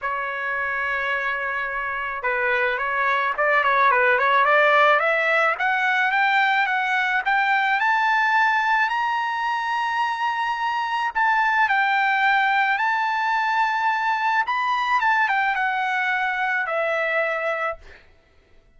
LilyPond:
\new Staff \with { instrumentName = "trumpet" } { \time 4/4 \tempo 4 = 108 cis''1 | b'4 cis''4 d''8 cis''8 b'8 cis''8 | d''4 e''4 fis''4 g''4 | fis''4 g''4 a''2 |
ais''1 | a''4 g''2 a''4~ | a''2 b''4 a''8 g''8 | fis''2 e''2 | }